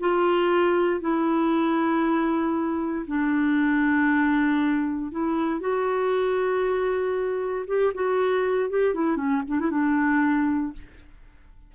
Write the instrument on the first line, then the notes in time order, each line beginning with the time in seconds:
clarinet
0.00 F4
1.01 E4
3.07 D4
5.11 E4
5.60 F#4
7.67 G4
7.94 F#4
8.70 G4
8.94 E4
9.16 C#4
9.48 D4
9.60 E4
9.70 D4